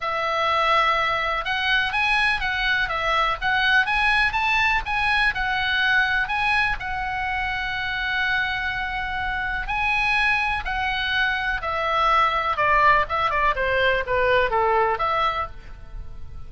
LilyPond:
\new Staff \with { instrumentName = "oboe" } { \time 4/4 \tempo 4 = 124 e''2. fis''4 | gis''4 fis''4 e''4 fis''4 | gis''4 a''4 gis''4 fis''4~ | fis''4 gis''4 fis''2~ |
fis''1 | gis''2 fis''2 | e''2 d''4 e''8 d''8 | c''4 b'4 a'4 e''4 | }